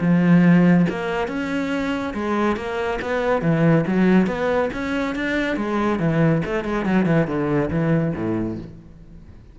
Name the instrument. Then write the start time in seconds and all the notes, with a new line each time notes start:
cello
0.00 F3
0.89 A#3
1.27 C#4
2.14 G#3
2.56 A#3
3.01 B3
3.41 E3
3.87 F#3
4.27 B3
4.73 C#4
5.15 D4
5.56 G#3
5.99 E3
6.45 A3
6.64 G#3
6.85 F#3
7.05 E3
7.27 D3
7.70 E3
8.15 A2